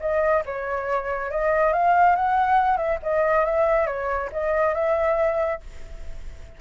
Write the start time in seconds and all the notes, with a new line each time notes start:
0.00 D#5
0.45 C#5
1.30 D#5
1.72 F5
2.15 F#5
2.77 E5
3.02 D#5
3.45 E5
3.86 C#5
4.32 D#5
4.74 E5